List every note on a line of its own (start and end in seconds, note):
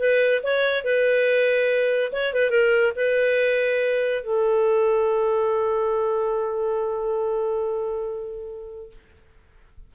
0.00 0.43 B4
0.43 0.85 C#5
0.85 2.12 B4
2.13 2.34 C#5
2.34 2.51 B4
2.51 2.93 A#4
2.96 4.24 B4
4.24 8.92 A4